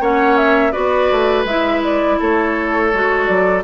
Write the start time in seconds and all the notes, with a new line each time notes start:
0.00 A#3 C#4 C#5 F#5
0.37 E5
0.71 B3 F#4 B4 D5
1.11 A3
1.44 G#3 E4 E5
1.83 D5
2.19 A3 A4 C#5
2.93 G#3 F#4
3.26 F#3 D5